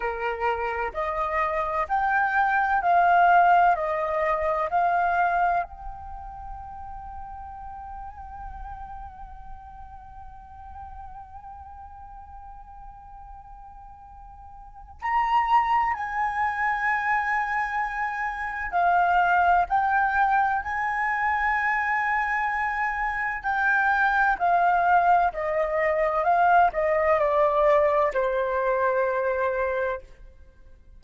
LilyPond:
\new Staff \with { instrumentName = "flute" } { \time 4/4 \tempo 4 = 64 ais'4 dis''4 g''4 f''4 | dis''4 f''4 g''2~ | g''1~ | g''1 |
ais''4 gis''2. | f''4 g''4 gis''2~ | gis''4 g''4 f''4 dis''4 | f''8 dis''8 d''4 c''2 | }